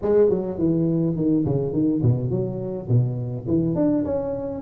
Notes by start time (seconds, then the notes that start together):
0.02 G#3
0.29 F#3
0.58 E3
1.16 D#3
1.45 C#3
1.72 D#3
2.02 B2
2.30 F#3
2.88 B2
3.47 E3
3.75 D4
4.04 C#4